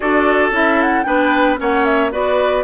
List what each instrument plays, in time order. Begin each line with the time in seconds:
0.00 bassoon D4, clarinet F#4, oboe A4, flute D5
0.50 bassoon C#4, clarinet E4, flute E5
0.82 flute F#5
1.03 bassoon B3, clarinet D4, oboe B4, flute G5
1.57 bassoon A#3, clarinet C#4, oboe C#5, flute F#5
1.84 flute E5
2.11 bassoon B3, clarinet F#4, oboe B4, flute D5